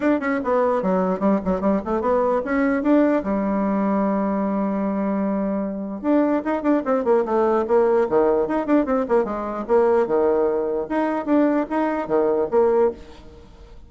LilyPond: \new Staff \with { instrumentName = "bassoon" } { \time 4/4 \tempo 4 = 149 d'8 cis'8 b4 fis4 g8 fis8 | g8 a8 b4 cis'4 d'4 | g1~ | g2. d'4 |
dis'8 d'8 c'8 ais8 a4 ais4 | dis4 dis'8 d'8 c'8 ais8 gis4 | ais4 dis2 dis'4 | d'4 dis'4 dis4 ais4 | }